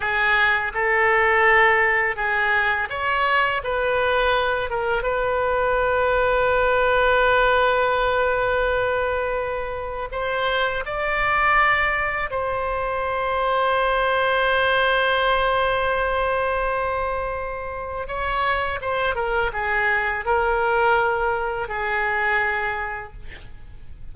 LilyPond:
\new Staff \with { instrumentName = "oboe" } { \time 4/4 \tempo 4 = 83 gis'4 a'2 gis'4 | cis''4 b'4. ais'8 b'4~ | b'1~ | b'2 c''4 d''4~ |
d''4 c''2.~ | c''1~ | c''4 cis''4 c''8 ais'8 gis'4 | ais'2 gis'2 | }